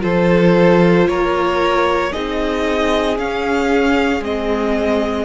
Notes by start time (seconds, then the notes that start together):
0.00 F3 F4 A4 C5
1.07 A#3 A#4 C#5
2.11 C4 D#4 G#4 D#5
3.18 C#4 F5
4.20 G#3 C4 D#5